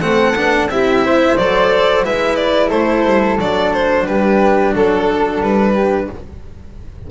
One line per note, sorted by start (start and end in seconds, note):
0.00 0.35 A3
0.00 0.35 C4
0.00 0.71 A4
0.00 0.67 F#5
0.36 0.66 B3
0.36 0.69 D4
0.66 1.34 C4
0.66 1.38 E4
0.66 1.05 G4
0.66 1.37 E5
1.05 2.04 C5
1.37 2.05 F#3
1.37 2.03 A4
1.37 2.04 D5
2.03 2.71 G#3
2.03 3.38 E4
2.03 2.69 B4
2.03 2.36 E5
2.36 2.69 D5
2.69 3.05 A3
2.69 4.04 A4
2.69 3.37 C5
3.05 3.38 G3
3.39 4.05 F#3
3.39 6.10 D4
3.39 3.73 D5
3.73 4.06 C5
4.05 4.73 G3
4.05 4.74 G4
4.05 4.73 B4
4.74 5.40 F#3
4.74 5.73 A4
4.74 5.43 A4
5.40 6.08 G3
5.40 6.10 B4
5.73 6.06 G4